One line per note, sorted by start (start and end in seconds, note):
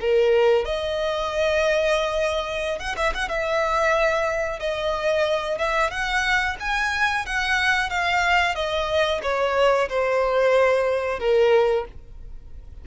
0.00 0.65 A#4
0.65 2.79 D#5
2.79 2.95 F#5
2.97 3.13 E5
3.14 3.28 F#5
3.28 4.59 E5
4.59 5.58 D#5
5.58 5.90 E5
5.90 6.56 F#5
6.60 7.26 G#5
7.26 7.90 F#5
7.90 8.55 F5
8.55 9.21 D#5
9.23 9.89 C#5
9.89 11.19 C5
11.19 11.85 A#4